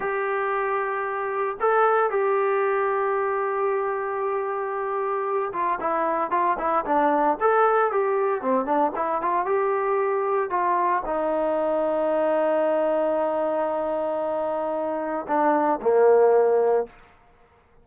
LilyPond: \new Staff \with { instrumentName = "trombone" } { \time 4/4 \tempo 4 = 114 g'2. a'4 | g'1~ | g'2~ g'8 f'8 e'4 | f'8 e'8 d'4 a'4 g'4 |
c'8 d'8 e'8 f'8 g'2 | f'4 dis'2.~ | dis'1~ | dis'4 d'4 ais2 | }